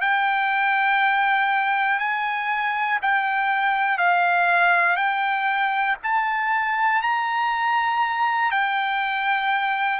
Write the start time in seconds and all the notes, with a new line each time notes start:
0.00 G5
1.99 G#5
3.02 G5
3.97 F5
4.96 G5
6.03 A5
7.01 A#5
8.50 G5